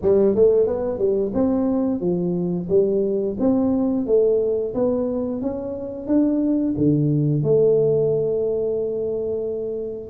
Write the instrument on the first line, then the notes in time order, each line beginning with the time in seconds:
tuba
0.02 G3
0.35 A3
0.66 B3
0.98 G3
1.34 C4
2.00 F3
2.69 G3
3.39 C4
4.06 A3
4.74 B3
5.41 C#4
6.07 D4
6.77 D3
7.43 A3